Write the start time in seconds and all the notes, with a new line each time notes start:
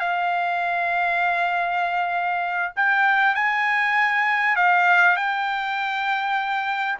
0.00 F5
2.76 G5
3.35 G#5
4.56 F5
5.17 G5